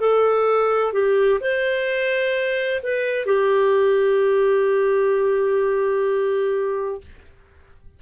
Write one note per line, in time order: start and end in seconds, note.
0.00 0.93 A4
0.93 1.40 G4
1.41 2.81 C5
2.83 3.26 B4
3.26 7.01 G4